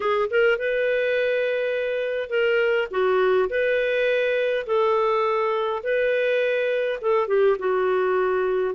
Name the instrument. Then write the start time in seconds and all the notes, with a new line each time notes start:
clarinet
0.00 G#4
0.30 A#4
0.58 B4
2.29 A#4
2.90 F#4
3.49 B4
4.66 A4
5.83 B4
7.01 A4
7.27 G4
7.58 F#4